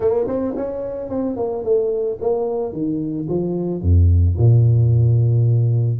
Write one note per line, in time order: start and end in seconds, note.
0.00 0.26 A#3
0.27 0.55 C4
0.56 1.09 C#4
1.09 1.36 C4
1.36 1.63 A#3
1.63 2.18 A3
2.21 2.72 A#3
2.72 3.27 D#3
3.29 3.81 F3
3.81 4.36 F2
4.37 5.99 A#2